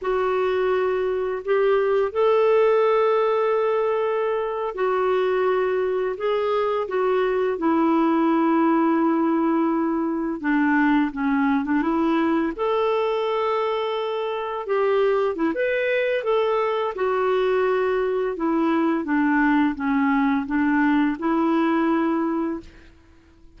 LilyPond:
\new Staff \with { instrumentName = "clarinet" } { \time 4/4 \tempo 4 = 85 fis'2 g'4 a'4~ | a'2~ a'8. fis'4~ fis'16~ | fis'8. gis'4 fis'4 e'4~ e'16~ | e'2~ e'8. d'4 cis'16~ |
cis'8 d'16 e'4 a'2~ a'16~ | a'8. g'4 e'16 b'4 a'4 | fis'2 e'4 d'4 | cis'4 d'4 e'2 | }